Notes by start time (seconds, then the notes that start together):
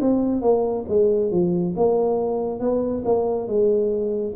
0.00 C4
0.41 A#3
0.88 G#3
1.30 F3
1.75 A#3
2.60 B3
3.04 A#3
3.47 G#3